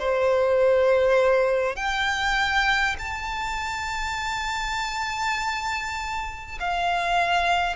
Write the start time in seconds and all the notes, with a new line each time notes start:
0.00 C5
1.76 G5
2.99 A5
6.61 F5